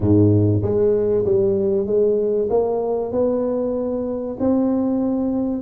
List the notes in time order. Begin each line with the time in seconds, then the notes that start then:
0.00 G#2
0.62 G#3
1.25 G3
1.86 G#3
2.50 A#3
3.12 B3
4.39 C4